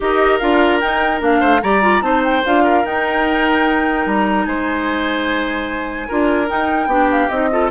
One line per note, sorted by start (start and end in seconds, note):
0.00 0.41 D#4
0.00 0.40 G4
0.00 1.40 A#4
0.00 0.38 D#5
0.38 0.82 D4
0.38 0.81 F4
0.38 0.79 F5
0.79 1.20 D#4
0.79 1.21 D#4
0.79 1.20 G5
1.20 1.41 A#3
1.20 1.60 D4
1.20 1.62 F5
1.40 1.62 A3
1.40 1.60 C5
1.62 2.01 G3
1.62 1.82 G4
1.62 2.03 D5
1.62 2.02 A#5
1.82 2.01 F4
2.01 2.42 C4
2.01 2.42 D#4
2.01 2.63 C5
2.01 2.22 A5
2.24 2.44 G5
2.45 2.84 D4
2.45 2.84 F4
2.45 2.85 F5
2.63 4.46 A#4
2.84 4.05 D#4
2.84 6.09 D#4
2.84 4.06 G5
4.05 4.46 G3
4.05 4.45 A#5
4.45 6.08 G#3
4.45 6.08 C5
4.45 6.48 G#5
6.08 6.50 D4
6.08 6.46 F4
6.08 6.88 A#4
6.46 6.87 D#4
6.46 6.86 D#4
6.46 7.09 G5
6.86 7.27 B3
6.86 7.30 D4
6.86 7.49 G4
7.10 7.28 F5
7.28 7.70 C4
7.28 7.51 D#4
7.28 7.69 D#5
7.51 7.70 F4
7.51 7.70 A4